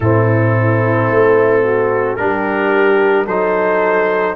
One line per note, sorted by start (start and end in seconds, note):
0.00 1.09 A2
0.00 2.17 C4
0.00 1.62 E4
0.00 2.16 A4
1.10 2.17 A3
1.62 2.17 F#4
2.16 3.27 G3
2.16 3.27 D4
2.16 3.26 G4
2.16 3.25 A#4
3.26 4.35 F#3
3.26 4.35 D#4
3.26 4.35 A4
3.26 4.35 C5